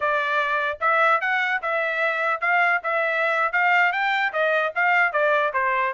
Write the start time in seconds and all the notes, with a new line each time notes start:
0.00 D5
0.80 E5
1.21 F#5
1.62 E5
2.40 F5
2.83 E5
3.52 F5
3.92 G5
4.32 D#5
4.75 F5
5.12 D5
5.53 C5